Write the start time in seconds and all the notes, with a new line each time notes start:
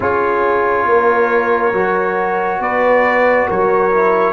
0.00 C#4 F4 G#4 C#5
0.85 A#3 A#4
1.72 F#3 F#4
2.59 B3 B4 D5
3.47 F#3 A#4 C#5
3.91 E4